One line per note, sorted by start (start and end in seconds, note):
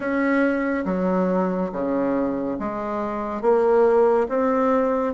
0.00 0.84 C#4
0.85 1.71 F#3
1.71 2.57 C#3
2.59 3.41 G#3
3.41 4.27 A#3
4.29 5.13 C4